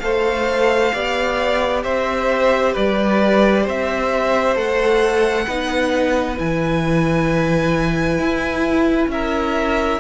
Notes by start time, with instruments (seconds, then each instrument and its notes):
0.00 cello A3, viola A4, violin C5 F5
0.92 cello B3, viola G4, violin D5
1.84 cello C4, violin C5 E5
2.73 cello G3, violin B4 D5
3.63 cello C4, violin C5
3.69 violin E5
4.56 cello A3, viola A4, violin F#5
5.46 cello B3, viola D#4, violin B4
6.37 cello E3, viola E4, violin G#5
8.19 cello E4
9.08 cello C#4, violin A#4 E5